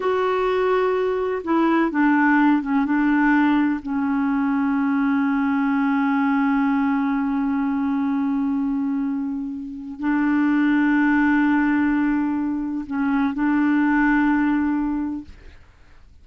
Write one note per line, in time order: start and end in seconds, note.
0.00 1.42 F#4
1.44 1.90 E4
1.90 2.61 D4
2.61 2.85 C#4
2.85 3.80 D4
3.82 9.99 C#4
9.99 12.85 D4
12.86 13.33 C#4
13.34 15.24 D4